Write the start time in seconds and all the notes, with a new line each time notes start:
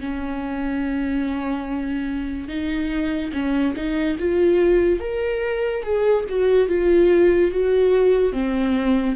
0.00 C#4
2.48 D#4
3.33 C#4
3.76 D#4
4.19 F4
5.00 A#4
5.83 G#4
6.29 F#4
6.68 F4
7.52 F#4
8.33 C4